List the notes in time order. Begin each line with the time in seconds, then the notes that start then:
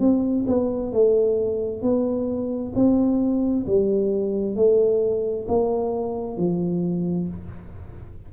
0.00 C4
0.48 B3
0.93 A3
1.82 B3
2.75 C4
3.67 G3
4.56 A3
5.48 A#3
6.38 F3